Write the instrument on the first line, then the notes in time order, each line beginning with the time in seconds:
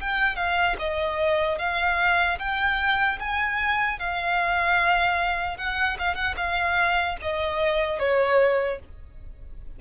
violin
0.00 G5
0.36 F5
0.79 D#5
1.59 F5
2.39 G5
3.20 G#5
3.99 F5
5.57 F#5
5.99 F5
6.15 F#5
6.37 F5
7.22 D#5
7.99 C#5